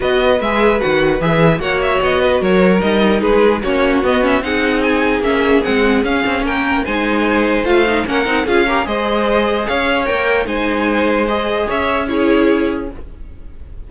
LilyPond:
<<
  \new Staff \with { instrumentName = "violin" } { \time 4/4 \tempo 4 = 149 dis''4 e''4 fis''4 e''4 | fis''8 e''8 dis''4 cis''4 dis''4 | b'4 cis''4 dis''8 e''8 fis''4 | gis''4 e''4 fis''4 f''4 |
g''4 gis''2 f''4 | fis''4 f''4 dis''2 | f''4 g''4 gis''2 | dis''4 e''4 cis''2 | }
  \new Staff \with { instrumentName = "violin" } { \time 4/4 b'1 | cis''4. b'8 ais'2 | gis'4 fis'2 gis'4~ | gis'1 |
ais'4 c''2. | ais'4 gis'8 ais'8 c''2 | cis''2 c''2~ | c''4 cis''4 gis'2 | }
  \new Staff \with { instrumentName = "viola" } { \time 4/4 fis'4 gis'4 fis'4 gis'4 | fis'2. dis'4~ | dis'4 cis'4 b8 cis'8 dis'4~ | dis'4 cis'4 c'4 cis'4~ |
cis'4 dis'2 f'8 dis'8 | cis'8 dis'8 f'8 g'8 gis'2~ | gis'4 ais'4 dis'2 | gis'2 e'2 | }
  \new Staff \with { instrumentName = "cello" } { \time 4/4 b4 gis4 dis4 e4 | ais4 b4 fis4 g4 | gis4 ais4 b4 c'4~ | c'4 ais4 gis4 cis'8 c'8 |
ais4 gis2 a4 | ais8 c'8 cis'4 gis2 | cis'4 ais4 gis2~ | gis4 cis'2. | }
>>